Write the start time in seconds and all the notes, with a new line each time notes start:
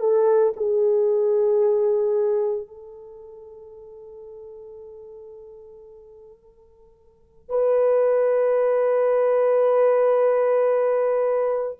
0.00 A4
0.57 G#4
2.67 A4
7.50 B4